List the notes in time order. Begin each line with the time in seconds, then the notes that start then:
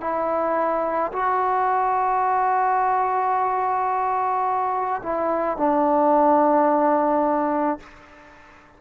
0.00 E4
1.13 F#4
5.03 E4
5.57 D4